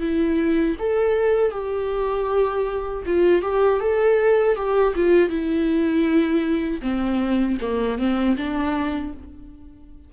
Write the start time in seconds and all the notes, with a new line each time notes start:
0.00 E4
0.79 A4
1.51 G4
3.06 F4
3.42 G4
3.80 A4
4.56 G4
4.96 F4
5.29 E4
6.82 C4
7.61 A#3
7.98 C4
8.37 D4